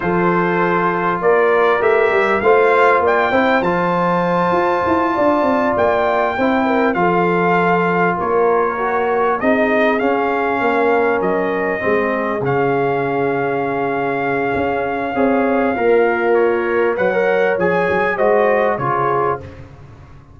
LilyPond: <<
  \new Staff \with { instrumentName = "trumpet" } { \time 4/4 \tempo 4 = 99 c''2 d''4 e''4 | f''4 g''4 a''2~ | a''4. g''2 f''8~ | f''4. cis''2 dis''8~ |
dis''8 f''2 dis''4.~ | dis''8 f''2.~ f''8~ | f''2. cis''4 | fis''4 gis''4 dis''4 cis''4 | }
  \new Staff \with { instrumentName = "horn" } { \time 4/4 a'2 ais'2 | c''4 d''8 c''2~ c''8~ | c''8 d''2 c''8 ais'8 a'8~ | a'4. ais'2 gis'8~ |
gis'4. ais'2 gis'8~ | gis'1~ | gis'4 cis''4 f'2 | cis''2 c''4 gis'4 | }
  \new Staff \with { instrumentName = "trombone" } { \time 4/4 f'2. g'4 | f'4. e'8 f'2~ | f'2~ f'8 e'4 f'8~ | f'2~ f'8 fis'4 dis'8~ |
dis'8 cis'2. c'8~ | c'8 cis'2.~ cis'8~ | cis'4 gis'4 ais'2 | b'16 ais'8. gis'4 fis'4 f'4 | }
  \new Staff \with { instrumentName = "tuba" } { \time 4/4 f2 ais4 a8 g8 | a4 ais8 c'8 f4. f'8 | e'8 d'8 c'8 ais4 c'4 f8~ | f4. ais2 c'8~ |
c'8 cis'4 ais4 fis4 gis8~ | gis8 cis2.~ cis8 | cis'4 c'4 ais2 | fis4 f8 fis8 gis4 cis4 | }
>>